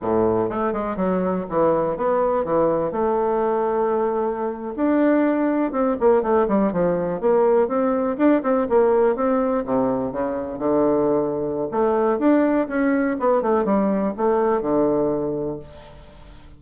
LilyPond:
\new Staff \with { instrumentName = "bassoon" } { \time 4/4 \tempo 4 = 123 a,4 a8 gis8 fis4 e4 | b4 e4 a2~ | a4.~ a16 d'2 c'16~ | c'16 ais8 a8 g8 f4 ais4 c'16~ |
c'8. d'8 c'8 ais4 c'4 c16~ | c8. cis4 d2~ d16 | a4 d'4 cis'4 b8 a8 | g4 a4 d2 | }